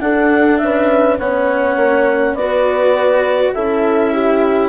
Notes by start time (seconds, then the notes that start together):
0.00 D4 A4 F#5
0.59 C#4 B4 E5
1.19 B3 C#4 C#5 F#5
1.76 A#3
2.34 B3 F#4 B4 D5
3.54 C#4 E4 A4 E5
4.13 G4